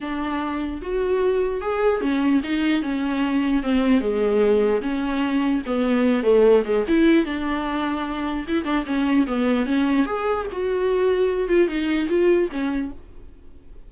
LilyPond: \new Staff \with { instrumentName = "viola" } { \time 4/4 \tempo 4 = 149 d'2 fis'2 | gis'4 cis'4 dis'4 cis'4~ | cis'4 c'4 gis2 | cis'2 b4. a8~ |
a8 gis8 e'4 d'2~ | d'4 e'8 d'8 cis'4 b4 | cis'4 gis'4 fis'2~ | fis'8 f'8 dis'4 f'4 cis'4 | }